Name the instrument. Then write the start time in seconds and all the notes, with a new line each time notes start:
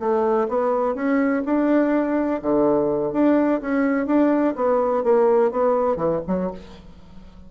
bassoon
0.00 A3
0.49 B3
0.95 C#4
1.45 D4
2.42 D3
3.13 D4
3.61 C#4
4.07 D4
4.56 B3
5.04 A#3
5.51 B3
5.97 E3
6.27 F#3